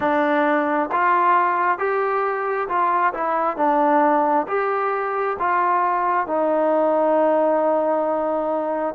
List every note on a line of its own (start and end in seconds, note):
0.00 0.90 D4
0.92 1.78 F4
1.78 2.68 G4
2.68 3.13 F4
3.13 3.56 E4
3.56 4.46 D4
4.47 5.36 G4
5.39 6.26 F4
6.26 8.94 D#4